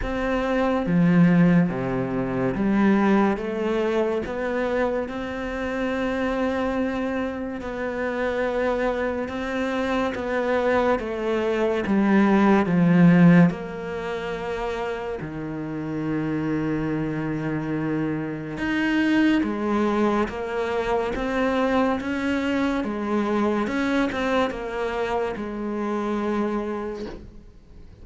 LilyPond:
\new Staff \with { instrumentName = "cello" } { \time 4/4 \tempo 4 = 71 c'4 f4 c4 g4 | a4 b4 c'2~ | c'4 b2 c'4 | b4 a4 g4 f4 |
ais2 dis2~ | dis2 dis'4 gis4 | ais4 c'4 cis'4 gis4 | cis'8 c'8 ais4 gis2 | }